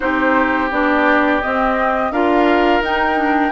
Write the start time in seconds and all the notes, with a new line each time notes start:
0.00 C4 D#4 G4 C5
0.71 B3 D4 D5
1.41 C4 D#5
2.11 D4 F4 A#4 F5
2.80 D#4 G5
3.16 D4